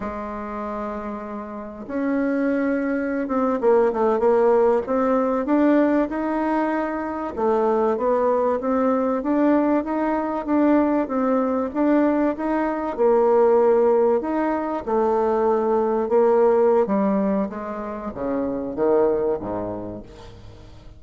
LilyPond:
\new Staff \with { instrumentName = "bassoon" } { \time 4/4 \tempo 4 = 96 gis2. cis'4~ | cis'4~ cis'16 c'8 ais8 a8 ais4 c'16~ | c'8. d'4 dis'2 a16~ | a8. b4 c'4 d'4 dis'16~ |
dis'8. d'4 c'4 d'4 dis'16~ | dis'8. ais2 dis'4 a16~ | a4.~ a16 ais4~ ais16 g4 | gis4 cis4 dis4 gis,4 | }